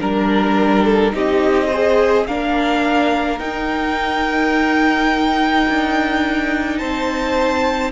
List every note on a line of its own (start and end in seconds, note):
0.00 1.14 G3
0.00 1.12 D4
0.00 0.83 A#4
0.00 1.15 A#4
0.83 1.12 A4
1.12 2.28 C4
1.12 1.69 D#4
1.12 1.67 G4
1.12 2.26 D#5
1.67 2.28 G#4
1.67 2.24 C5
2.26 3.40 A#3
2.26 3.39 D4
2.26 6.78 A#4
2.26 3.39 F5
3.39 7.92 D#4
3.39 5.67 D#4
3.39 6.78 G5
5.68 6.81 D4
6.78 7.92 C4
6.78 7.91 C5
6.78 7.92 A5